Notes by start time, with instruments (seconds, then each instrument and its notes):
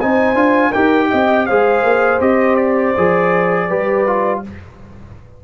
0.00 tuba C4, trombone D#4, horn C5, trumpet G#5
0.34 tuba D4, trombone F4
0.70 tuba D#4, trombone G4, horn A#4, trumpet G5
1.10 tuba C4, horn D#5
1.46 tuba G#3, trombone G#4, horn C5, trumpet F5
1.83 tuba A#3
2.20 tuba C4, trombone G4, trumpet D#5
2.56 trumpet D5
2.97 tuba F3, trombone G#4
3.69 tuba G3, trombone G4, horn B4
4.07 trombone F4